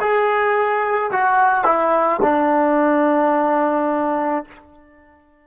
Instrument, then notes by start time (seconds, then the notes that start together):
trombone
0.00 G#4
1.12 F#4
1.65 E4
2.23 D4